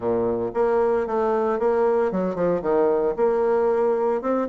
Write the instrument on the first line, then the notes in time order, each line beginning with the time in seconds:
bassoon
0.00 A#2
0.54 A#3
1.06 A3
1.59 A#3
2.11 F#3
2.35 F3
2.62 D#3
3.16 A#3
4.21 C4